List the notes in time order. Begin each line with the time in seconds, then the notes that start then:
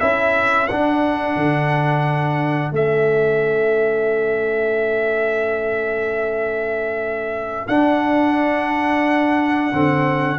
0.00 C#4 E4 A4 E5
0.67 D4 F#5
1.36 D3
2.72 A3 C#4 E5
7.67 D4 F#5
9.72 D3 C4